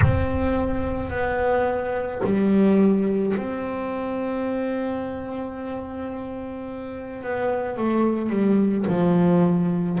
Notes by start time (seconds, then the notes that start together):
0.02 C4
1.10 B3
2.24 G3
3.36 C4
7.23 B3
7.77 A3
8.29 G3
8.87 F3